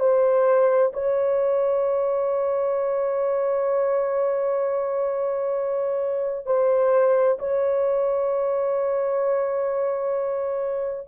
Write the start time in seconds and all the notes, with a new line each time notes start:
0.00 C5
0.93 C#5
6.46 C5
7.39 C#5